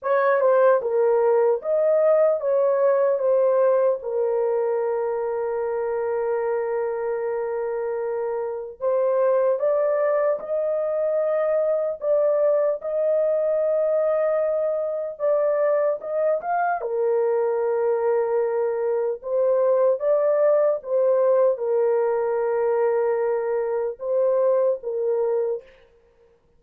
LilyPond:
\new Staff \with { instrumentName = "horn" } { \time 4/4 \tempo 4 = 75 cis''8 c''8 ais'4 dis''4 cis''4 | c''4 ais'2.~ | ais'2. c''4 | d''4 dis''2 d''4 |
dis''2. d''4 | dis''8 f''8 ais'2. | c''4 d''4 c''4 ais'4~ | ais'2 c''4 ais'4 | }